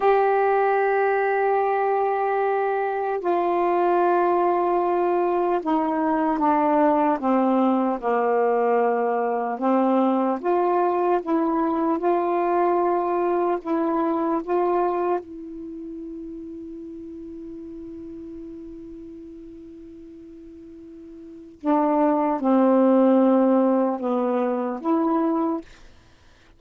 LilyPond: \new Staff \with { instrumentName = "saxophone" } { \time 4/4 \tempo 4 = 75 g'1 | f'2. dis'4 | d'4 c'4 ais2 | c'4 f'4 e'4 f'4~ |
f'4 e'4 f'4 e'4~ | e'1~ | e'2. d'4 | c'2 b4 e'4 | }